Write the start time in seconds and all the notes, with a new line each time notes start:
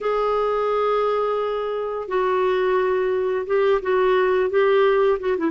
0.01 G#4
2.08 F#4
3.46 G4
3.82 F#4
4.50 G4
5.19 F#4
5.37 E4